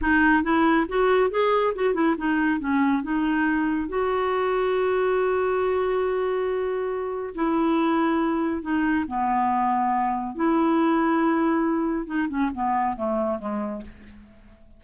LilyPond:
\new Staff \with { instrumentName = "clarinet" } { \time 4/4 \tempo 4 = 139 dis'4 e'4 fis'4 gis'4 | fis'8 e'8 dis'4 cis'4 dis'4~ | dis'4 fis'2.~ | fis'1~ |
fis'4 e'2. | dis'4 b2. | e'1 | dis'8 cis'8 b4 a4 gis4 | }